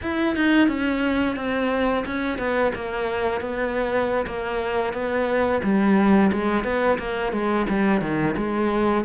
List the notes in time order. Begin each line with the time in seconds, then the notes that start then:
0.02 E4
0.36 D#4
0.68 C#4
1.36 C4
2.06 C#4
2.38 B3
2.75 A#3
3.40 B3
4.26 A#3
4.93 B3
5.63 G3
6.32 G#3
6.64 B3
6.98 A#3
7.32 G#3
7.69 G3
8.01 D#3
8.36 G#3